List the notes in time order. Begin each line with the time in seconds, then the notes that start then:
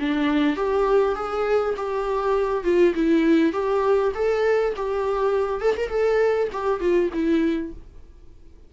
0.00 D4
0.57 G4
1.16 G#4
1.77 G4
2.64 F4
2.95 E4
3.53 G4
4.15 A4
4.77 G4
5.61 A4
5.77 A#4
5.89 A4
6.53 G4
6.81 F4
7.14 E4